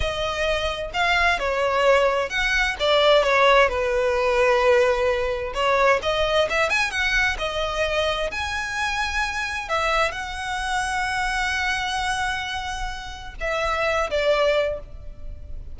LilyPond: \new Staff \with { instrumentName = "violin" } { \time 4/4 \tempo 4 = 130 dis''2 f''4 cis''4~ | cis''4 fis''4 d''4 cis''4 | b'1 | cis''4 dis''4 e''8 gis''8 fis''4 |
dis''2 gis''2~ | gis''4 e''4 fis''2~ | fis''1~ | fis''4 e''4. d''4. | }